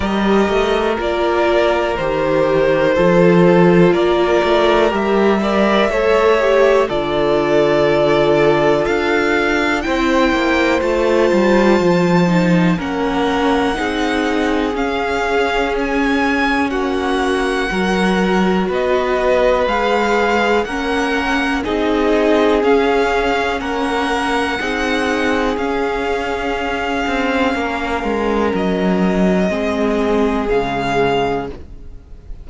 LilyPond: <<
  \new Staff \with { instrumentName = "violin" } { \time 4/4 \tempo 4 = 61 dis''4 d''4 c''2 | d''4 e''2 d''4~ | d''4 f''4 g''4 a''4~ | a''4 fis''2 f''4 |
gis''4 fis''2 dis''4 | f''4 fis''4 dis''4 f''4 | fis''2 f''2~ | f''4 dis''2 f''4 | }
  \new Staff \with { instrumentName = "violin" } { \time 4/4 ais'2. a'4 | ais'4. d''8 cis''4 a'4~ | a'2 c''2~ | c''4 ais'4 gis'2~ |
gis'4 fis'4 ais'4 b'4~ | b'4 ais'4 gis'2 | ais'4 gis'2. | ais'2 gis'2 | }
  \new Staff \with { instrumentName = "viola" } { \time 4/4 g'4 f'4 g'4 f'4~ | f'4 g'8 ais'8 a'8 g'8 f'4~ | f'2 e'4 f'4~ | f'8 dis'8 cis'4 dis'4 cis'4~ |
cis'2 fis'2 | gis'4 cis'4 dis'4 cis'4~ | cis'4 dis'4 cis'2~ | cis'2 c'4 gis4 | }
  \new Staff \with { instrumentName = "cello" } { \time 4/4 g8 a8 ais4 dis4 f4 | ais8 a8 g4 a4 d4~ | d4 d'4 c'8 ais8 a8 g8 | f4 ais4 c'4 cis'4~ |
cis'4 ais4 fis4 b4 | gis4 ais4 c'4 cis'4 | ais4 c'4 cis'4. c'8 | ais8 gis8 fis4 gis4 cis4 | }
>>